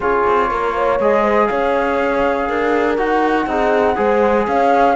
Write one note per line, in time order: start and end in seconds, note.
0.00 0.22 C#4
0.00 0.99 F4
0.00 0.49 G#4
0.00 1.00 C#5
0.27 0.51 C4
0.50 0.99 A#3
0.50 0.75 A#4
0.75 1.22 C#5
0.99 1.49 G#3
0.99 2.97 G#4
0.99 1.46 D#5
1.22 1.47 C5
1.46 2.49 C#4
1.46 2.47 C#5
1.46 2.95 F5
2.47 2.98 D4
2.47 3.47 A#4
2.97 3.46 D#4
2.97 3.47 F#4
2.97 4.45 F#5
3.46 3.96 C4
3.46 3.95 D#4
3.46 3.96 G#4
3.95 4.47 G#3
3.95 4.94 G#4
3.95 4.45 C5
4.47 4.96 C#4
4.47 4.96 C#5
4.47 4.96 F5